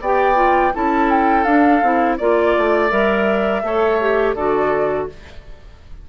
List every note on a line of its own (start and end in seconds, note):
0.00 0.72 B3
0.00 0.35 G4
0.00 0.73 D5
0.00 0.74 G5
0.35 0.71 F4
0.74 1.45 C#4
0.74 1.46 E4
0.74 2.17 A4
0.74 1.10 A5
1.10 1.44 G5
1.44 1.81 D4
1.44 1.83 D4
1.44 2.16 F5
1.82 2.18 C4
1.82 2.19 E4
2.17 2.56 A#3
2.17 2.89 F4
2.17 3.61 D5
2.17 2.91 D5
2.57 2.91 A3
2.89 3.62 G3
2.89 3.62 A#4
2.89 4.34 E5
3.62 4.34 A3
3.62 3.99 A4
3.62 4.35 C#5
4.00 4.36 G4
4.34 5.07 D3
4.34 5.09 F#4
4.34 5.07 A4
4.34 5.07 D5